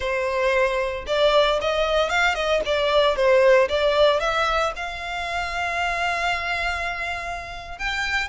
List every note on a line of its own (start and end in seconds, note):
0.00 1.05 C5
1.06 1.59 D5
1.61 2.09 D#5
2.09 2.34 F5
2.34 2.61 D#5
2.65 3.16 D5
3.16 3.68 C5
3.68 4.20 D5
4.20 4.72 E5
4.76 7.78 F5
7.78 8.28 G5